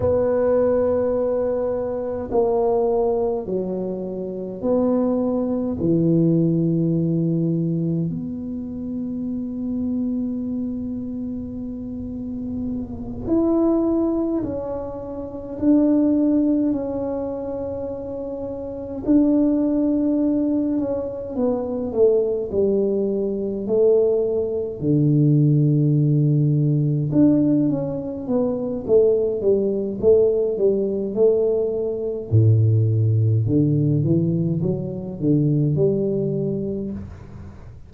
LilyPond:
\new Staff \with { instrumentName = "tuba" } { \time 4/4 \tempo 4 = 52 b2 ais4 fis4 | b4 e2 b4~ | b2.~ b8 e'8~ | e'8 cis'4 d'4 cis'4.~ |
cis'8 d'4. cis'8 b8 a8 g8~ | g8 a4 d2 d'8 | cis'8 b8 a8 g8 a8 g8 a4 | a,4 d8 e8 fis8 d8 g4 | }